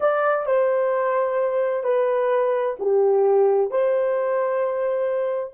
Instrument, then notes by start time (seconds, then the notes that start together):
horn
0.00 D5
0.46 C5
1.83 B4
2.79 G4
3.70 C5